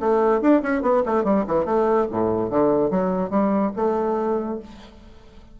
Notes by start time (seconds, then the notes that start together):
0.00 A3
0.41 D4
0.62 C#4
0.82 B3
1.05 A3
1.24 G3
1.47 E3
1.65 A3
2.11 A2
2.50 D3
2.90 F#3
3.30 G3
3.76 A3